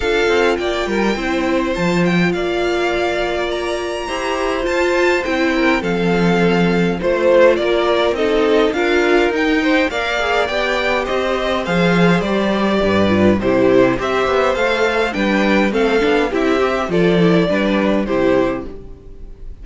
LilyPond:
<<
  \new Staff \with { instrumentName = "violin" } { \time 4/4 \tempo 4 = 103 f''4 g''2 a''8 g''8 | f''2 ais''2 | a''4 g''4 f''2 | c''4 d''4 dis''4 f''4 |
g''4 f''4 g''4 dis''4 | f''4 d''2 c''4 | e''4 f''4 g''4 f''4 | e''4 d''2 c''4 | }
  \new Staff \with { instrumentName = "violin" } { \time 4/4 a'4 d''8 ais'8 c''2 | d''2. c''4~ | c''4. ais'8 a'2 | c''4 ais'4 a'4 ais'4~ |
ais'8 c''8 d''2 c''4~ | c''2 b'4 g'4 | c''2 b'4 a'4 | g'4 a'4 b'4 g'4 | }
  \new Staff \with { instrumentName = "viola" } { \time 4/4 f'2 e'4 f'4~ | f'2. g'4 | f'4 e'4 c'2 | f'2 dis'4 f'4 |
dis'4 ais'8 gis'8 g'2 | gis'4 g'4. f'8 e'4 | g'4 a'4 d'4 c'8 d'8 | e'8 g'8 f'8 e'8 d'4 e'4 | }
  \new Staff \with { instrumentName = "cello" } { \time 4/4 d'8 c'8 ais8 g8 c'4 f4 | ais2. e'4 | f'4 c'4 f2 | a4 ais4 c'4 d'4 |
dis'4 ais4 b4 c'4 | f4 g4 g,4 c4 | c'8 b8 a4 g4 a8 b8 | c'4 f4 g4 c4 | }
>>